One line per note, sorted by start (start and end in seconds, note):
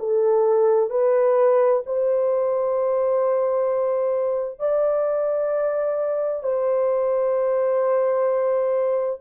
0.00 0.91 A4
0.91 1.83 B4
1.86 4.60 C5
4.60 6.44 D5
6.44 9.21 C5